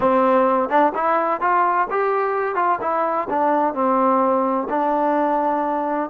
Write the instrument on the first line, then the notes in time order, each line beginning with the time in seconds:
trombone
0.00 C4
0.69 D4
0.94 E4
1.40 F4
1.90 G4
2.55 F4
2.81 E4
3.29 D4
3.74 C4
4.69 D4